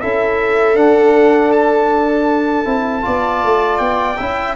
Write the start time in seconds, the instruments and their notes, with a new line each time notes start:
0.00 tuba C#4, trombone E4, viola A4, trumpet E5
0.74 tuba D4, trombone D4, trumpet F#5
1.52 trumpet A5
2.64 tuba C4, trombone E4
3.01 tuba B3, trombone F4, viola D5
3.43 tuba A3
3.78 tuba B3, trumpet G5
4.17 tuba C#4, trombone E4, viola E5